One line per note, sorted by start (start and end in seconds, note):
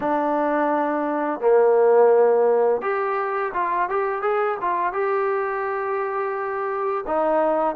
0.00 1.40 D4
1.40 2.81 A#3
2.81 3.52 G4
3.53 3.89 F4
3.89 4.22 G4
4.22 4.57 G#4
4.61 4.93 F4
4.93 7.04 G4
7.07 7.75 D#4